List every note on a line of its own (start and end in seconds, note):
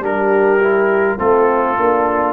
0.00 1.18 G3
0.00 0.60 D4
0.00 1.18 G4
0.00 1.19 A#4
0.61 1.19 E4
1.18 1.78 A3
1.18 1.76 C4
1.18 2.33 F4
1.18 2.33 A4
1.78 2.33 A#3
1.78 2.33 D4